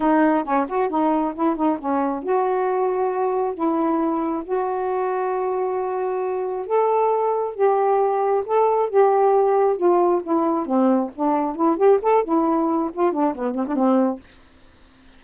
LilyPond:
\new Staff \with { instrumentName = "saxophone" } { \time 4/4 \tempo 4 = 135 dis'4 cis'8 fis'8 dis'4 e'8 dis'8 | cis'4 fis'2. | e'2 fis'2~ | fis'2. a'4~ |
a'4 g'2 a'4 | g'2 f'4 e'4 | c'4 d'4 e'8 g'8 a'8 e'8~ | e'4 f'8 d'8 b8 c'16 d'16 c'4 | }